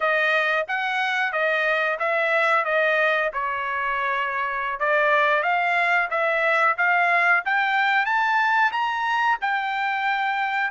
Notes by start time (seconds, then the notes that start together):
0.00 D#5
0.67 F#5
1.32 D#5
1.99 E5
2.64 D#5
3.33 C#5
4.79 D5
5.42 F5
6.10 E5
6.77 F5
7.45 G5
8.05 A5
8.72 A#5
9.41 G5